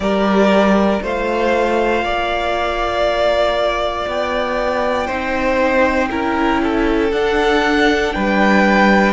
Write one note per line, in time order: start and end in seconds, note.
0.00 1.00 G3
0.00 1.01 G4
0.00 1.02 A#4
0.00 1.01 D5
1.01 2.02 A3
1.01 5.08 F4
1.01 2.04 C5
1.01 4.08 F5
2.02 4.05 A#3
2.02 5.06 D5
4.07 5.09 B3
4.07 7.11 G5
5.06 6.11 C4
5.06 6.09 D#4
5.06 6.08 C5
6.09 7.12 C#4
6.09 7.11 E4
6.09 6.61 A#4
6.62 8.14 A4
7.11 8.13 D4
7.11 9.13 D4
7.11 8.13 F#5
8.13 9.13 G3
8.13 9.13 B4
8.13 9.13 G5